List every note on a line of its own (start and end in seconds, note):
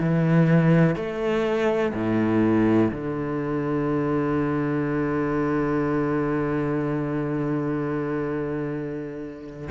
0.00 0.95 E3
0.95 1.92 A3
1.94 2.90 A2
2.91 9.69 D3